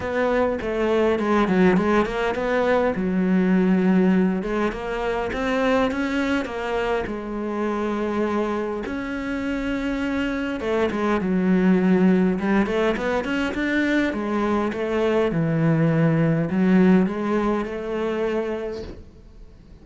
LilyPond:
\new Staff \with { instrumentName = "cello" } { \time 4/4 \tempo 4 = 102 b4 a4 gis8 fis8 gis8 ais8 | b4 fis2~ fis8 gis8 | ais4 c'4 cis'4 ais4 | gis2. cis'4~ |
cis'2 a8 gis8 fis4~ | fis4 g8 a8 b8 cis'8 d'4 | gis4 a4 e2 | fis4 gis4 a2 | }